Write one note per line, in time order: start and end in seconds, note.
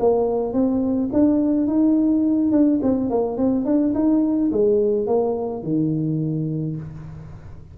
0.00 0.53 A#3
0.53 1.10 C4
1.13 1.67 D4
1.67 2.52 D#4
2.52 2.80 D4
2.83 3.10 C4
3.10 3.37 A#3
3.37 3.65 C4
3.65 3.94 D4
3.95 4.52 D#4
4.52 5.07 G#3
5.07 5.63 A#3
5.63 6.77 D#3